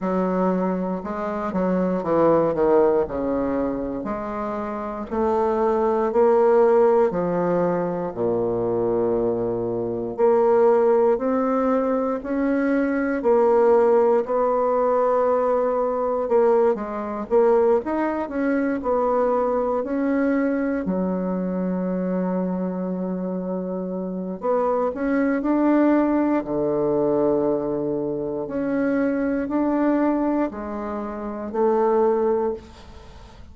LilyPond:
\new Staff \with { instrumentName = "bassoon" } { \time 4/4 \tempo 4 = 59 fis4 gis8 fis8 e8 dis8 cis4 | gis4 a4 ais4 f4 | ais,2 ais4 c'4 | cis'4 ais4 b2 |
ais8 gis8 ais8 dis'8 cis'8 b4 cis'8~ | cis'8 fis2.~ fis8 | b8 cis'8 d'4 d2 | cis'4 d'4 gis4 a4 | }